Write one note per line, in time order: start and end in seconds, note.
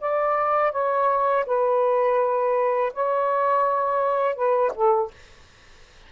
0.00 0.72 D5
0.72 1.45 C#5
1.46 2.92 B4
2.93 4.35 C#5
4.35 4.72 B4
4.74 5.11 A4